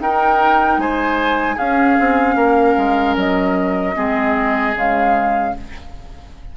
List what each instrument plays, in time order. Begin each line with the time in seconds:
0.00 bassoon D#4, clarinet D#4, oboe A#4, flute G5
0.78 bassoon G#3, oboe C5, flute G#5
1.56 clarinet C#4, bassoon C#4, oboe G#4, flute F5
2.00 bassoon C4
2.36 bassoon A#3, oboe A#4
2.78 bassoon G#3
3.16 bassoon F#3, flute D#5
3.95 bassoon G#3, clarinet C4, oboe G#4
4.74 bassoon C#3, clarinet G#3, flute F5